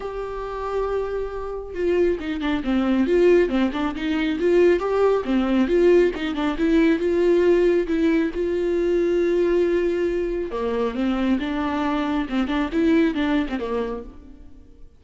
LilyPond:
\new Staff \with { instrumentName = "viola" } { \time 4/4 \tempo 4 = 137 g'1 | f'4 dis'8 d'8 c'4 f'4 | c'8 d'8 dis'4 f'4 g'4 | c'4 f'4 dis'8 d'8 e'4 |
f'2 e'4 f'4~ | f'1 | ais4 c'4 d'2 | c'8 d'8 e'4 d'8. c'16 ais4 | }